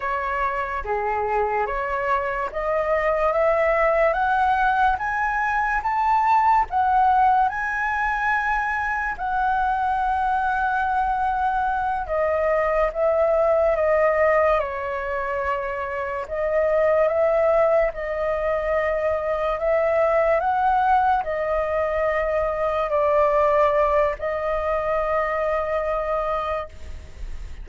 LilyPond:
\new Staff \with { instrumentName = "flute" } { \time 4/4 \tempo 4 = 72 cis''4 gis'4 cis''4 dis''4 | e''4 fis''4 gis''4 a''4 | fis''4 gis''2 fis''4~ | fis''2~ fis''8 dis''4 e''8~ |
e''8 dis''4 cis''2 dis''8~ | dis''8 e''4 dis''2 e''8~ | e''8 fis''4 dis''2 d''8~ | d''4 dis''2. | }